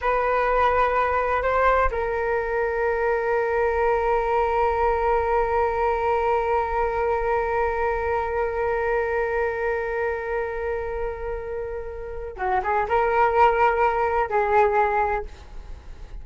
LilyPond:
\new Staff \with { instrumentName = "flute" } { \time 4/4 \tempo 4 = 126 b'2. c''4 | ais'1~ | ais'1~ | ais'1~ |
ais'1~ | ais'1~ | ais'2 fis'8 gis'8 ais'4~ | ais'2 gis'2 | }